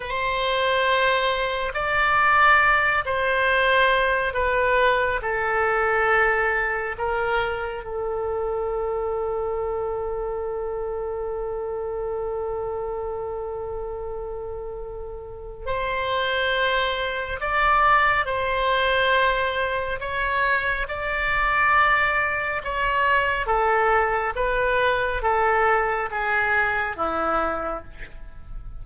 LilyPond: \new Staff \with { instrumentName = "oboe" } { \time 4/4 \tempo 4 = 69 c''2 d''4. c''8~ | c''4 b'4 a'2 | ais'4 a'2.~ | a'1~ |
a'2 c''2 | d''4 c''2 cis''4 | d''2 cis''4 a'4 | b'4 a'4 gis'4 e'4 | }